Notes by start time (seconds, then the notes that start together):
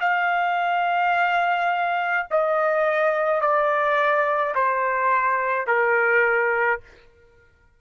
0.00 F5
2.30 D#5
3.41 D5
4.54 C5
5.67 A#4